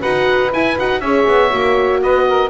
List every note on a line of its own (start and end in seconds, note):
0.00 0.54 D#4
0.00 0.52 F#4
0.00 1.00 B4
0.00 0.52 F#5
0.53 0.78 E4
0.53 0.79 G#5
0.78 1.02 D#4
0.78 1.04 F#4
0.78 1.01 F#5
1.00 1.27 C#4
1.00 1.51 G#4
1.00 2.00 C#5
1.00 2.01 E5
1.28 1.53 B3
1.51 2.04 A#3
1.51 2.51 F#4
2.02 2.51 B3
2.02 2.27 B4
2.02 2.51 D#5
2.28 2.51 A#4